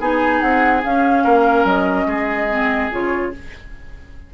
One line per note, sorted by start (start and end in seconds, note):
0.00 0.42 B3
0.00 0.84 D#4
0.00 1.24 G#4
0.00 0.41 G#5
0.41 0.84 C4
0.41 0.83 F#5
0.84 2.50 C#4
0.84 1.25 C#4
0.84 1.67 F5
1.24 1.64 A#3
1.24 2.07 A#4
1.64 2.06 F#3
1.64 2.92 D#5
2.06 2.90 G#3
2.06 3.33 G#4
2.50 2.91 C4
2.91 3.34 C#3
2.91 3.33 F4
2.91 3.34 C#5